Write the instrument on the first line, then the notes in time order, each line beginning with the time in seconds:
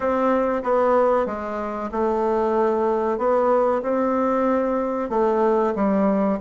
bassoon
0.00 C4
0.63 B3
1.26 G#3
1.91 A3
3.17 B3
3.82 C4
5.09 A3
5.75 G3